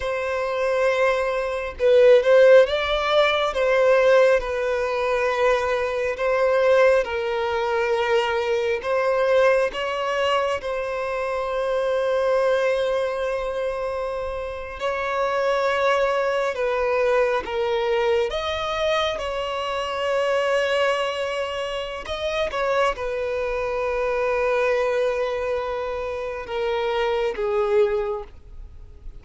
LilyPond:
\new Staff \with { instrumentName = "violin" } { \time 4/4 \tempo 4 = 68 c''2 b'8 c''8 d''4 | c''4 b'2 c''4 | ais'2 c''4 cis''4 | c''1~ |
c''8. cis''2 b'4 ais'16~ | ais'8. dis''4 cis''2~ cis''16~ | cis''4 dis''8 cis''8 b'2~ | b'2 ais'4 gis'4 | }